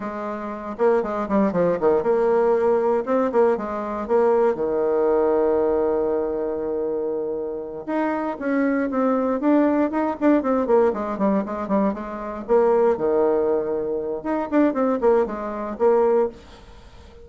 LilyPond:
\new Staff \with { instrumentName = "bassoon" } { \time 4/4 \tempo 4 = 118 gis4. ais8 gis8 g8 f8 dis8 | ais2 c'8 ais8 gis4 | ais4 dis2.~ | dis2.~ dis8 dis'8~ |
dis'8 cis'4 c'4 d'4 dis'8 | d'8 c'8 ais8 gis8 g8 gis8 g8 gis8~ | gis8 ais4 dis2~ dis8 | dis'8 d'8 c'8 ais8 gis4 ais4 | }